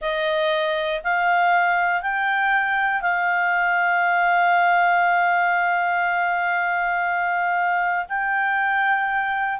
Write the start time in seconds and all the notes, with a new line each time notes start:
0.01 D#5
1.03 F5
2.02 G5
3.01 F5
8.08 G5